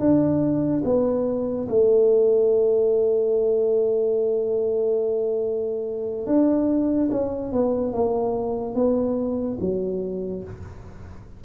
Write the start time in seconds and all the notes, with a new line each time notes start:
0.00 D4
0.85 B3
1.69 A3
6.27 D4
7.12 C#4
7.53 B3
7.94 A#3
8.75 B3
9.61 F#3